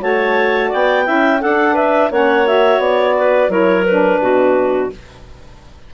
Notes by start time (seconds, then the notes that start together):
0.00 A3 F#4 C#5 A5
0.69 B3 D5 G5
1.05 C#4 E4 E5
1.41 D4 A4 F#5
1.74 B4 E5
2.11 A#3 C#4 C#5 F#5
2.46 F#4 E5
2.78 B3 D5
3.17 B4
3.49 F#3 E4 A#4 C#5
3.85 D4 B4
4.20 B2 F#4